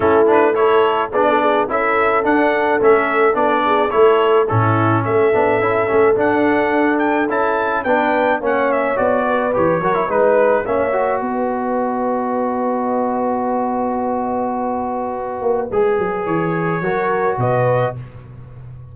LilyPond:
<<
  \new Staff \with { instrumentName = "trumpet" } { \time 4/4 \tempo 4 = 107 a'8 b'8 cis''4 d''4 e''4 | fis''4 e''4 d''4 cis''4 | a'4 e''2 fis''4~ | fis''8 g''8 a''4 g''4 fis''8 e''8 |
d''4 cis''4 b'4 e''4 | dis''1~ | dis''1~ | dis''4 cis''2 dis''4 | }
  \new Staff \with { instrumentName = "horn" } { \time 4/4 e'4 a'4 gis'16 a'16 gis'8 a'4~ | a'2~ a'8 gis'8 a'4 | e'4 a'2.~ | a'2 b'4 cis''4~ |
cis''8 b'4 ais'8 b'4 cis''4 | b'1~ | b'1~ | b'2 ais'4 b'4 | }
  \new Staff \with { instrumentName = "trombone" } { \time 4/4 cis'8 d'8 e'4 d'4 e'4 | d'4 cis'4 d'4 e'4 | cis'4. d'8 e'8 cis'8 d'4~ | d'4 e'4 d'4 cis'4 |
fis'4 g'8 fis'16 e'16 dis'4 cis'8 fis'8~ | fis'1~ | fis'1 | gis'2 fis'2 | }
  \new Staff \with { instrumentName = "tuba" } { \time 4/4 a2 b4 cis'4 | d'4 a4 b4 a4 | a,4 a8 b8 cis'8 a8 d'4~ | d'4 cis'4 b4 ais4 |
b4 e8 fis8 gis4 ais4 | b1~ | b2.~ b8 ais8 | gis8 fis8 e4 fis4 b,4 | }
>>